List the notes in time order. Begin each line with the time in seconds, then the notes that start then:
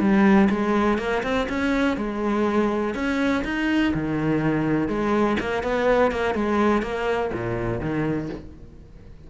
0.00 G3
0.50 G#3
0.98 A#3
1.23 C4
1.49 C#4
1.97 G#3
2.95 C#4
3.44 D#4
3.94 D#3
4.88 G#3
5.40 A#3
5.63 B3
6.12 A#3
6.35 G#3
6.82 A#3
7.33 A#2
7.81 D#3